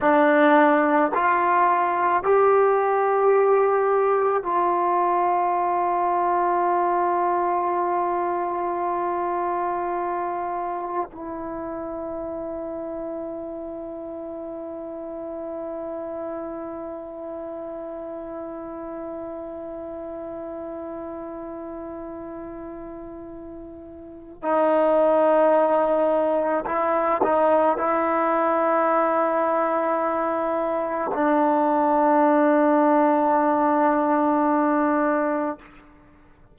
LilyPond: \new Staff \with { instrumentName = "trombone" } { \time 4/4 \tempo 4 = 54 d'4 f'4 g'2 | f'1~ | f'2 e'2~ | e'1~ |
e'1~ | e'2 dis'2 | e'8 dis'8 e'2. | d'1 | }